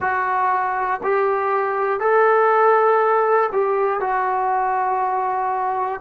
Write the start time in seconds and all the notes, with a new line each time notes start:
0.00 F#4
1.03 G4
2.00 A4
3.52 G4
4.00 F#4